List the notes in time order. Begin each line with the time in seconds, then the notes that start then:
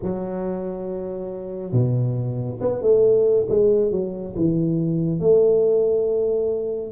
0.02 F#3
1.72 B2
2.60 B3
2.81 A3
3.48 G#3
3.91 F#3
4.36 E3
5.20 A3